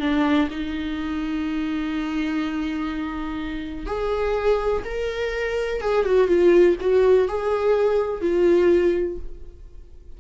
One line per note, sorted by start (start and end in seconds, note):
0.00 0.48 D4
0.51 3.86 D#4
3.86 4.83 G#4
4.85 5.81 A#4
5.81 6.05 G#4
6.05 6.28 F#4
6.28 6.76 F4
6.80 7.28 F#4
7.28 8.21 G#4
8.21 9.18 F4